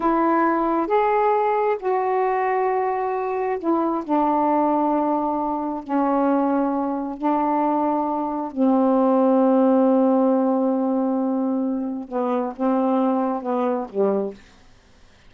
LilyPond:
\new Staff \with { instrumentName = "saxophone" } { \time 4/4 \tempo 4 = 134 e'2 gis'2 | fis'1 | e'4 d'2.~ | d'4 cis'2. |
d'2. c'4~ | c'1~ | c'2. b4 | c'2 b4 g4 | }